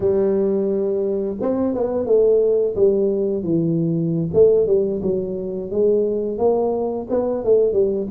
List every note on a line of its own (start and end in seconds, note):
0.00 1.36 G3
1.40 1.74 C4
1.74 2.06 B3
2.06 2.75 A3
2.75 3.43 G3
3.43 4.29 E3
4.33 4.66 A3
4.66 5.01 G3
5.02 5.70 F#3
5.70 6.38 G#3
6.38 7.07 A#3
7.10 7.44 B3
7.44 7.72 A3
7.72 8.07 G3